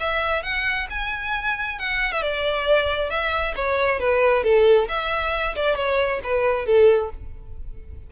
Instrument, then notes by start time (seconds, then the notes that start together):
violin
0.00 E5
0.43 F#5
0.90 G#5
1.79 F#5
2.12 E5
2.22 D5
3.10 E5
3.56 C#5
4.00 B4
4.44 A4
4.88 E5
5.56 D5
5.76 C#5
6.24 B4
6.66 A4